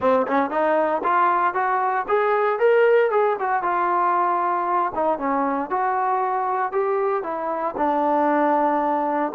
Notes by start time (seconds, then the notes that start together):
0.00 C4
0.27 C#4
0.50 D#4
1.03 F4
1.54 F#4
2.07 G#4
2.59 A#4
3.10 G#4
3.39 F#4
3.63 F4
4.94 D#4
5.18 C#4
5.70 F#4
6.72 G4
7.23 E4
7.77 D4